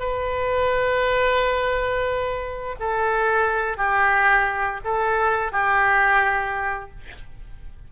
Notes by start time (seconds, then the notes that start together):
0.00 B4
2.80 A4
3.77 G4
4.85 A4
5.52 G4